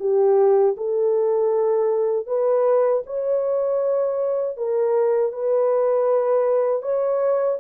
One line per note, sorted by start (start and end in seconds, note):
0.00 0.76 G4
0.77 2.27 A4
2.27 3.03 B4
3.07 4.57 C#5
4.57 5.33 A#4
5.33 6.83 B4
6.83 7.59 C#5